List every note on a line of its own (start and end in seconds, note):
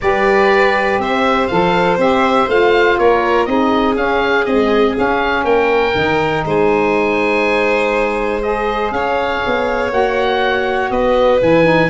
0.01 0.98 G3
0.01 1.50 G4
0.01 1.01 B4
0.01 1.00 D5
0.98 1.48 C4
0.98 2.99 C5
0.98 1.47 E5
1.47 1.97 F3
1.47 1.98 A4
1.47 1.96 F5
1.97 2.47 C4
1.97 2.47 G4
1.97 2.49 E5
2.47 2.97 A3
2.47 3.46 F4
2.47 2.98 F5
2.98 3.46 A#3
2.98 3.48 A#4
2.98 3.45 C#5
3.45 3.95 C4
3.45 3.94 D#4
3.45 5.45 G#4
3.45 3.94 D#5
3.94 4.44 C#4
3.94 4.45 C#4
3.94 4.45 F5
4.45 4.94 G#3
4.45 4.96 C4
4.45 4.94 D#5
4.94 5.93 C#4
4.94 5.43 C#4
4.94 5.44 F5
5.43 5.93 A#3
5.43 6.44 A#4
5.43 6.43 G5
5.93 6.44 D#3
5.93 8.41 D#4
6.45 8.91 G#3
6.45 8.93 C5
6.45 8.42 G#5
8.42 9.90 G#4
8.42 8.91 D#5
8.91 9.40 C#4
8.91 10.91 C#5
8.91 9.91 F5
9.46 9.91 B3
9.90 10.90 A#3
9.90 11.39 F#4
9.90 10.90 F#5
10.90 11.40 B3
10.90 11.89 B4
10.90 11.40 D#5
11.39 11.89 E3
11.39 11.64 E4
11.39 11.89 G#5
11.64 11.88 D#4